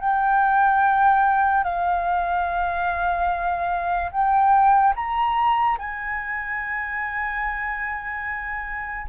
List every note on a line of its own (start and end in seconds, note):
0.00 1.64 G5
1.64 4.10 F5
4.11 4.94 G5
4.96 5.78 A#5
5.78 9.07 G#5